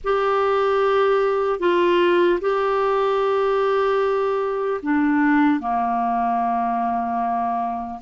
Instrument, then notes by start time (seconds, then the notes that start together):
clarinet
0.04 G4
1.59 F4
2.40 G4
4.82 D4
5.60 A#3